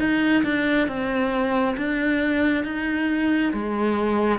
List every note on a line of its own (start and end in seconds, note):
0.00 0.44 D#4
0.44 0.88 D4
0.88 1.76 C4
1.78 2.65 D4
2.65 3.53 D#4
3.53 4.40 G#3